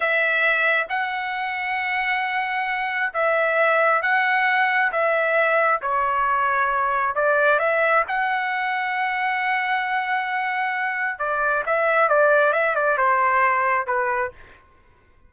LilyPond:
\new Staff \with { instrumentName = "trumpet" } { \time 4/4 \tempo 4 = 134 e''2 fis''2~ | fis''2. e''4~ | e''4 fis''2 e''4~ | e''4 cis''2. |
d''4 e''4 fis''2~ | fis''1~ | fis''4 d''4 e''4 d''4 | e''8 d''8 c''2 b'4 | }